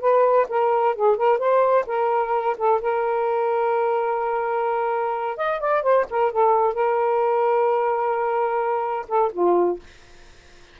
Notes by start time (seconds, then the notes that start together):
0.00 B4
0.49 A#4
0.95 G#4
1.17 A#4
1.38 C5
1.87 A#4
2.58 A4
2.81 A#4
5.37 D#5
5.60 D5
5.83 C5
6.10 A#4
6.32 A4
6.74 A#4
9.08 A4
9.33 F4